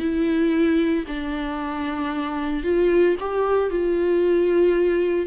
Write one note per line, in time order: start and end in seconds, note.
0.00 1.05 E4
1.08 2.64 D4
2.64 3.16 F4
3.20 3.71 G4
3.71 5.27 F4